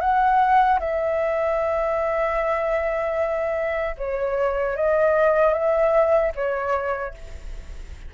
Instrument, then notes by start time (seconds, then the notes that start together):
flute
0.00 F#5
0.80 E5
3.97 C#5
4.76 D#5
5.53 E5
6.35 C#5